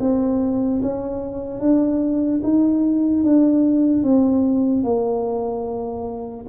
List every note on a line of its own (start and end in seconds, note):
0.00 0.81 C4
0.82 1.60 C#4
1.60 2.41 D4
2.44 3.24 D#4
3.24 4.04 D4
4.04 4.84 C4
4.84 6.46 A#3